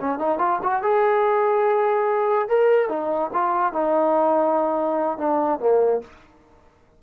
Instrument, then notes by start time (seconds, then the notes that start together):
trombone
0.00 C#4
0.19 D#4
0.39 F4
0.63 F#4
0.83 G#4
2.49 A#4
2.89 D#4
3.34 F4
3.73 D#4
5.18 D4
5.60 A#3